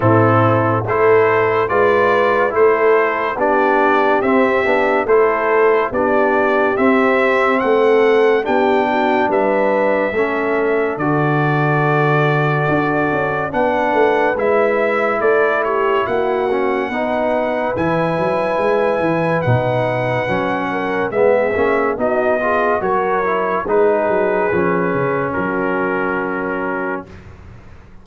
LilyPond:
<<
  \new Staff \with { instrumentName = "trumpet" } { \time 4/4 \tempo 4 = 71 a'4 c''4 d''4 c''4 | d''4 e''4 c''4 d''4 | e''4 fis''4 g''4 e''4~ | e''4 d''2. |
fis''4 e''4 d''8 cis''8 fis''4~ | fis''4 gis''2 fis''4~ | fis''4 e''4 dis''4 cis''4 | b'2 ais'2 | }
  \new Staff \with { instrumentName = "horn" } { \time 4/4 e'4 a'4 b'4 a'4 | g'2 a'4 g'4~ | g'4 a'4 g'8 fis'8 b'4 | a'1 |
b'2 a'8 g'8 fis'4 | b'1~ | b'8 ais'8 gis'4 fis'8 gis'8 ais'4 | gis'2 fis'2 | }
  \new Staff \with { instrumentName = "trombone" } { \time 4/4 c'4 e'4 f'4 e'4 | d'4 c'8 d'8 e'4 d'4 | c'2 d'2 | cis'4 fis'2. |
d'4 e'2~ e'8 cis'8 | dis'4 e'2 dis'4 | cis'4 b8 cis'8 dis'8 f'8 fis'8 e'8 | dis'4 cis'2. | }
  \new Staff \with { instrumentName = "tuba" } { \time 4/4 a,4 a4 gis4 a4 | b4 c'8 b8 a4 b4 | c'4 a4 b4 g4 | a4 d2 d'8 cis'8 |
b8 a8 gis4 a4 ais4 | b4 e8 fis8 gis8 e8 b,4 | fis4 gis8 ais8 b4 fis4 | gis8 fis8 f8 cis8 fis2 | }
>>